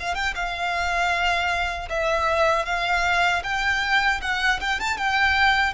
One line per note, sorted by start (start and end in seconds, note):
0.00 0.15 F5
0.15 0.34 G5
0.35 1.89 F5
1.89 2.66 E5
2.66 3.43 F5
3.44 4.21 G5
4.22 4.60 F#5
4.60 4.80 G5
4.80 4.97 A5
4.97 5.73 G5